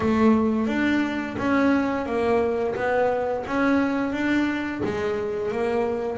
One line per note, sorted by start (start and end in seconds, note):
0.00 0.67 A3
0.67 1.36 D4
1.38 2.05 C#4
2.05 2.74 A#3
2.75 3.44 B3
3.46 4.12 C#4
4.12 4.81 D4
4.84 5.51 G#3
5.51 6.18 A#3